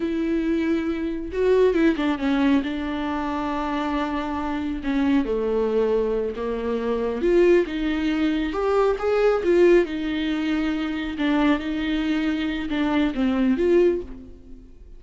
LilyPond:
\new Staff \with { instrumentName = "viola" } { \time 4/4 \tempo 4 = 137 e'2. fis'4 | e'8 d'8 cis'4 d'2~ | d'2. cis'4 | a2~ a8 ais4.~ |
ais8 f'4 dis'2 g'8~ | g'8 gis'4 f'4 dis'4.~ | dis'4. d'4 dis'4.~ | dis'4 d'4 c'4 f'4 | }